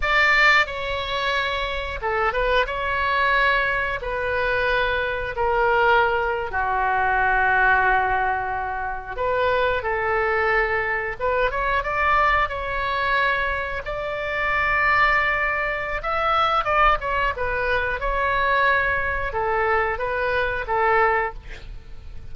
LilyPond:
\new Staff \with { instrumentName = "oboe" } { \time 4/4 \tempo 4 = 90 d''4 cis''2 a'8 b'8 | cis''2 b'2 | ais'4.~ ais'16 fis'2~ fis'16~ | fis'4.~ fis'16 b'4 a'4~ a'16~ |
a'8. b'8 cis''8 d''4 cis''4~ cis''16~ | cis''8. d''2.~ d''16 | e''4 d''8 cis''8 b'4 cis''4~ | cis''4 a'4 b'4 a'4 | }